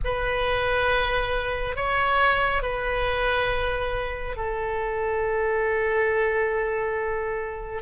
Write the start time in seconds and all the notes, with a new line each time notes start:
0.04 B4
1.76 C#5
2.62 B4
4.36 A4